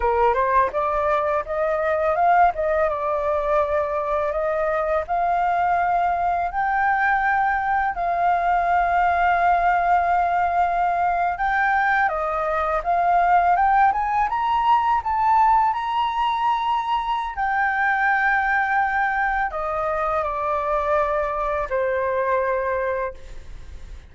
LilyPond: \new Staff \with { instrumentName = "flute" } { \time 4/4 \tempo 4 = 83 ais'8 c''8 d''4 dis''4 f''8 dis''8 | d''2 dis''4 f''4~ | f''4 g''2 f''4~ | f''2.~ f''8. g''16~ |
g''8. dis''4 f''4 g''8 gis''8 ais''16~ | ais''8. a''4 ais''2~ ais''16 | g''2. dis''4 | d''2 c''2 | }